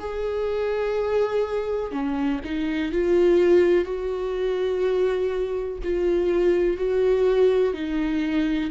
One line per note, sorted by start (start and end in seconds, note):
0.00 1.92 G#4
1.92 2.40 C#4
2.45 2.92 D#4
2.92 3.85 F4
3.85 5.78 F#4
5.84 6.77 F4
6.77 7.74 F#4
7.74 8.71 D#4